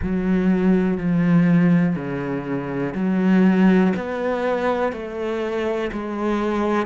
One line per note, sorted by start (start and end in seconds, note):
0.01 0.97 F#3
0.97 1.95 F3
1.95 2.94 C#3
2.94 3.93 F#3
3.96 4.92 B3
4.92 5.90 A3
5.92 6.86 G#3